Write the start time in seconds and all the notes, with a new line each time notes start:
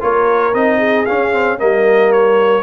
0.00 A#3 F4 A#4 C#5
0.53 C4 D#4 D#5
0.78 G#4
1.05 C#4 F5
1.32 C4
1.58 G3 A#3 A#4 D#5
2.12 C#5